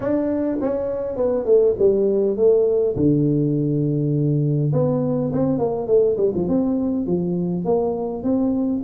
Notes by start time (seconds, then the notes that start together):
0.00 D4
0.60 C#4
1.16 B3
1.45 A3
1.78 G3
2.37 A3
2.96 D3
4.72 B3
5.32 C4
5.58 A#3
5.87 A3
6.17 G3
6.34 F3
6.48 C4
7.06 F3
7.64 A#3
8.23 C4